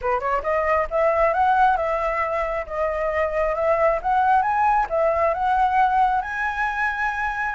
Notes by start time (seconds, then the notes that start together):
0.01 B4
0.19 C#5
0.43 D#5
0.90 E5
1.33 F#5
1.77 E5
2.66 D#5
3.55 E5
4.02 F#5
4.42 G#5
4.89 E5
5.34 F#5
6.21 G#5